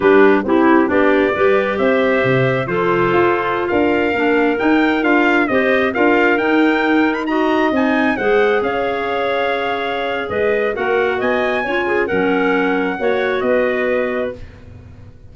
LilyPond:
<<
  \new Staff \with { instrumentName = "trumpet" } { \time 4/4 \tempo 4 = 134 b'4 g'4 d''2 | e''2 c''2~ | c''16 f''2 g''4 f''8.~ | f''16 dis''4 f''4 g''4.~ g''16 |
b''16 ais''4 gis''4 fis''4 f''8.~ | f''2. dis''4 | fis''4 gis''2 fis''4~ | fis''2 dis''2 | }
  \new Staff \with { instrumentName = "clarinet" } { \time 4/4 g'4 e'4 g'4 b'4 | c''2 a'2~ | a'16 ais'2.~ ais'8.~ | ais'16 c''4 ais'2~ ais'8.~ |
ais'16 dis''2 c''4 cis''8.~ | cis''2. b'4 | ais'4 dis''4 cis''8 gis'8 ais'4~ | ais'4 cis''4 b'2 | }
  \new Staff \with { instrumentName = "clarinet" } { \time 4/4 d'4 e'4 d'4 g'4~ | g'2 f'2~ | f'4~ f'16 d'4 dis'4 f'8.~ | f'16 g'4 f'4 dis'4.~ dis'16~ |
dis'16 fis'4 dis'4 gis'4.~ gis'16~ | gis'1 | fis'2 f'4 cis'4~ | cis'4 fis'2. | }
  \new Staff \with { instrumentName = "tuba" } { \time 4/4 g4 c'4 b4 g4 | c'4 c4 f4 f'4~ | f'16 d'4 ais4 dis'4 d'8.~ | d'16 c'4 d'4 dis'4.~ dis'16~ |
dis'4~ dis'16 c'4 gis4 cis'8.~ | cis'2. gis4 | ais4 b4 cis'4 fis4~ | fis4 ais4 b2 | }
>>